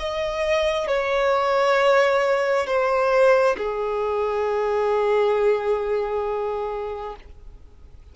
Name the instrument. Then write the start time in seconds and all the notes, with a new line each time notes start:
violin
0.00 D#5
0.88 C#5
2.67 C5
3.58 G#4